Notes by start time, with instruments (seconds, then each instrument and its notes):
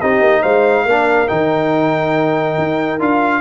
0.00 tuba C4, trombone D#4, horn G4, trumpet D#5
0.21 tuba A#3
0.42 tuba G#3, horn C5, trumpet F5
0.85 tuba A#3, trombone D4, horn A#4
1.28 tuba D#3, trombone D#4, trumpet G5
2.57 tuba D#4
2.99 tuba D4, trombone F4, trumpet F5